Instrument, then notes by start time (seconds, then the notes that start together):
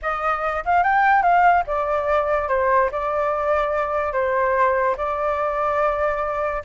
flute
0.02 D#5
0.65 F5
0.83 G5
1.22 F5
1.66 D5
2.48 C5
2.91 D5
4.12 C5
4.97 D5